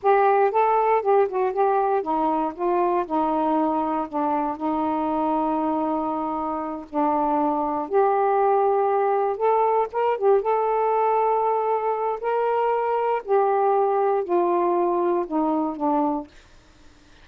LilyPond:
\new Staff \with { instrumentName = "saxophone" } { \time 4/4 \tempo 4 = 118 g'4 a'4 g'8 fis'8 g'4 | dis'4 f'4 dis'2 | d'4 dis'2.~ | dis'4. d'2 g'8~ |
g'2~ g'8 a'4 ais'8 | g'8 a'2.~ a'8 | ais'2 g'2 | f'2 dis'4 d'4 | }